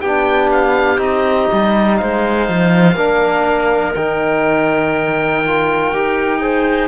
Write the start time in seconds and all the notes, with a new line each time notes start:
0.00 B3 D4 G4 G5
0.51 F5
0.97 C4 D#4 D#5
1.52 G3
1.97 G#3 C5 F5
2.48 F3
2.95 A#3 D4 A#4
3.94 D#3 D#4 G5
5.44 F4
5.92 D#4 G4
6.41 G#4 C5